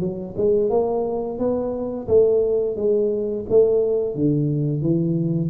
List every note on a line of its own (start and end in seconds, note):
0.00 0.34 F#3
0.37 0.70 G#3
0.70 1.39 A#3
1.39 2.08 B3
2.08 2.76 A3
2.76 3.45 G#3
3.49 4.15 A3
4.15 4.82 D3
4.82 5.50 E3